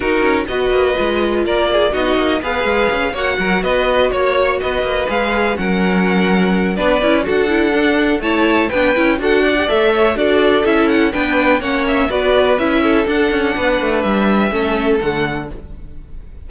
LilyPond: <<
  \new Staff \with { instrumentName = "violin" } { \time 4/4 \tempo 4 = 124 ais'4 dis''2 d''4 | dis''4 f''4. fis''4 dis''8~ | dis''8 cis''4 dis''4 f''4 fis''8~ | fis''2 d''4 fis''4~ |
fis''4 a''4 g''4 fis''4 | e''4 d''4 e''8 fis''8 g''4 | fis''8 e''8 d''4 e''4 fis''4~ | fis''4 e''2 fis''4 | }
  \new Staff \with { instrumentName = "violin" } { \time 4/4 fis'4 b'2 ais'8 gis'8 | fis'4 b'4. cis''8 ais'8 b'8~ | b'8 cis''4 b'2 ais'8~ | ais'2 b'4 a'4~ |
a'4 cis''4 b'4 a'8 d''8~ | d''8 cis''8 a'2 b'4 | cis''4 b'4. a'4. | b'2 a'2 | }
  \new Staff \with { instrumentName = "viola" } { \time 4/4 dis'4 fis'4 f'2 | dis'4 gis'4. fis'4.~ | fis'2~ fis'8 gis'4 cis'8~ | cis'2 d'8 e'8 fis'8 e'8 |
d'4 e'4 d'8 e'8 fis'8. g'16 | a'4 fis'4 e'4 d'4 | cis'4 fis'4 e'4 d'4~ | d'2 cis'4 a4 | }
  \new Staff \with { instrumentName = "cello" } { \time 4/4 dis'8 cis'8 b8 ais8 gis4 ais4 | b8 ais8 b8 gis8 cis'8 ais8 fis8 b8~ | b8 ais4 b8 ais8 gis4 fis8~ | fis2 b8 cis'8 d'4~ |
d'4 a4 b8 cis'8 d'4 | a4 d'4 cis'4 b4 | ais4 b4 cis'4 d'8 cis'8 | b8 a8 g4 a4 d4 | }
>>